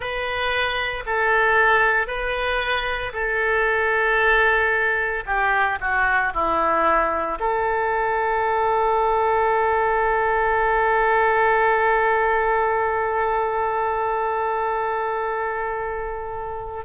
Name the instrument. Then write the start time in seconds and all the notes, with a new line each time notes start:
oboe
0.00 B4
1.05 A4
2.07 B4
3.13 A4
5.26 G4
5.80 F#4
6.33 E4
7.39 A4